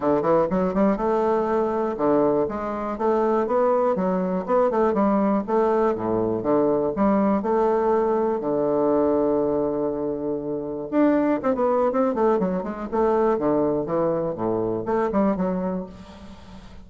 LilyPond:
\new Staff \with { instrumentName = "bassoon" } { \time 4/4 \tempo 4 = 121 d8 e8 fis8 g8 a2 | d4 gis4 a4 b4 | fis4 b8 a8 g4 a4 | a,4 d4 g4 a4~ |
a4 d2.~ | d2 d'4 c'16 b8. | c'8 a8 fis8 gis8 a4 d4 | e4 a,4 a8 g8 fis4 | }